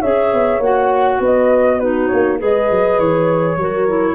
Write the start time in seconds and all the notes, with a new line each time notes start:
0.00 C#4 G#4 C#5 E5
0.34 B3
0.60 A#3 F#4 F#5
1.20 B3 B4 D#5
1.80 D#4 F#4 B4
2.08 A#3 C#5
2.39 G#3 G#4 B4 D#5
2.71 F#3
3.00 E3 C#5
3.57 F#3 F#4 A#4
3.88 E4